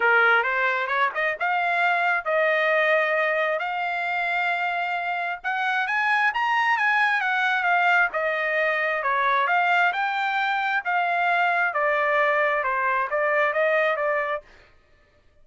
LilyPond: \new Staff \with { instrumentName = "trumpet" } { \time 4/4 \tempo 4 = 133 ais'4 c''4 cis''8 dis''8 f''4~ | f''4 dis''2. | f''1 | fis''4 gis''4 ais''4 gis''4 |
fis''4 f''4 dis''2 | cis''4 f''4 g''2 | f''2 d''2 | c''4 d''4 dis''4 d''4 | }